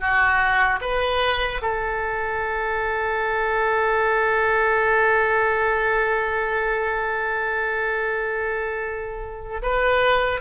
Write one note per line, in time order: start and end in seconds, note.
0.00 0.80 F#4
0.81 1.61 B4
1.62 9.62 A4
9.63 10.41 B4